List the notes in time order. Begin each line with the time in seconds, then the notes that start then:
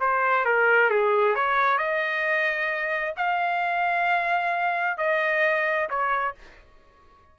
0.00 C5
0.45 A#4
0.90 G#4
1.35 C#5
1.78 D#5
3.17 F5
4.98 D#5
5.89 C#5